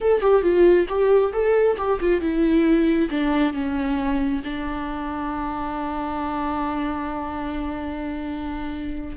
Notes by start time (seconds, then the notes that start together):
0.00 A4
0.21 G4
0.42 F4
0.88 G4
1.32 A4
1.77 G4
2.00 F4
2.21 E4
3.10 D4
3.53 C#4
4.44 D4